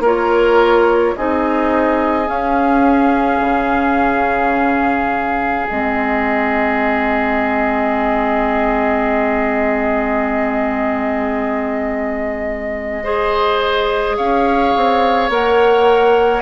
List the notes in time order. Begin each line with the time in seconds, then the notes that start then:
0.00 A#3 F4 A#4 C#5
1.17 C4 D#4 G#4 D#5
2.26 C#4 F5
3.41 C#3
5.69 G#3 C4 D#5
13.03 G#4 C5
14.17 C#4 C#5 F5
14.76 C4
15.29 A#3 A#4 F#5